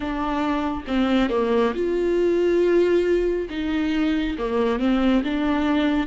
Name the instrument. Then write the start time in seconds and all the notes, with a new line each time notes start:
viola
0.00 D4
0.87 C4
1.29 A#3
1.74 F4
3.49 D#4
4.38 A#3
4.79 C4
5.24 D4